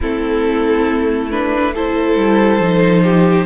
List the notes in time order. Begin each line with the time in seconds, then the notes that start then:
0.00 A3 C4 E4 A4
1.30 D4 B4
1.74 E4 A4 C5
2.16 G3
2.59 F3 D#4
3.03 G4